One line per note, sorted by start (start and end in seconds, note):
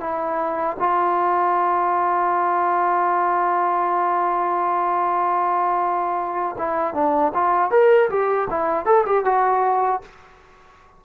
0.00 0.77 E4
0.79 6.56 F4
6.58 6.94 E4
6.94 7.33 D4
7.34 7.71 F4
7.71 8.09 A#4
8.10 8.48 G4
8.50 8.86 E4
8.86 9.05 A4
9.06 9.25 G4
9.25 10.02 F#4